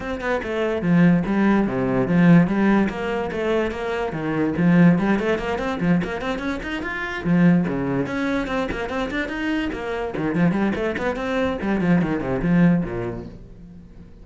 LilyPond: \new Staff \with { instrumentName = "cello" } { \time 4/4 \tempo 4 = 145 c'8 b8 a4 f4 g4 | c4 f4 g4 ais4 | a4 ais4 dis4 f4 | g8 a8 ais8 c'8 f8 ais8 c'8 cis'8 |
dis'8 f'4 f4 cis4 cis'8~ | cis'8 c'8 ais8 c'8 d'8 dis'4 ais8~ | ais8 dis8 f8 g8 a8 b8 c'4 | g8 f8 dis8 c8 f4 ais,4 | }